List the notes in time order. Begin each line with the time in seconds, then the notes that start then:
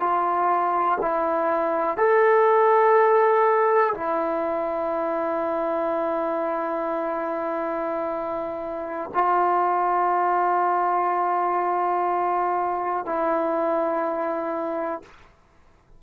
0.00 F4
1.01 E4
1.97 A4
3.94 E4
9.14 F4
13.05 E4